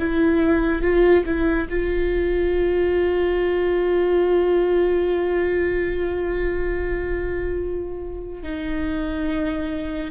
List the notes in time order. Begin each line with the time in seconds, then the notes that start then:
0.00 E4
0.83 F4
1.26 E4
1.70 F4
8.43 D#4